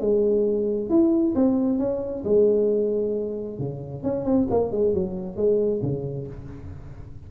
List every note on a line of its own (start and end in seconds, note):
0.00 0.89 G#3
0.89 1.34 E4
1.35 1.78 C4
1.78 2.23 C#4
2.24 3.58 G#3
3.58 4.03 C#3
4.03 4.24 C#4
4.24 4.47 C4
4.50 4.71 A#3
4.71 4.94 G#3
4.94 5.36 F#3
5.36 5.81 G#3
5.82 6.27 C#3